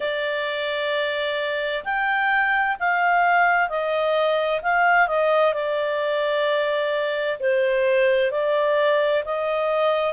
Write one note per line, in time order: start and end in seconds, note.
0.00 1.84 D5
1.84 2.77 G5
2.79 3.69 F5
3.69 4.61 D#5
4.62 5.07 F5
5.07 5.53 D#5
5.53 7.38 D5
7.39 8.31 C5
8.31 9.23 D5
9.24 10.13 D#5